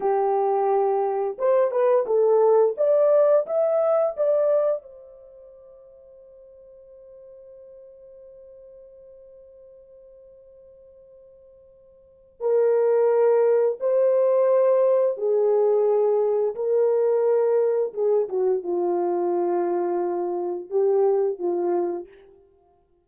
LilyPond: \new Staff \with { instrumentName = "horn" } { \time 4/4 \tempo 4 = 87 g'2 c''8 b'8 a'4 | d''4 e''4 d''4 c''4~ | c''1~ | c''1~ |
c''2 ais'2 | c''2 gis'2 | ais'2 gis'8 fis'8 f'4~ | f'2 g'4 f'4 | }